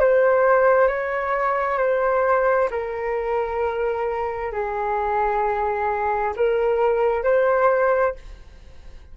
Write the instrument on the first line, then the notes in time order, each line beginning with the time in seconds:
flute
0.00 C5
0.88 C#5
1.78 C5
2.71 A#4
4.52 G#4
6.36 A#4
7.24 C5